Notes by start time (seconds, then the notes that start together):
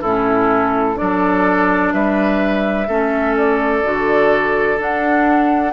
0.00 A2 C#4 E4 A4
0.95 F#3 D4 A4 D5
1.92 G3 B4 E5
2.87 A3 C#4 A4
3.37 D5
3.84 D3 F#4
4.77 D4 F#5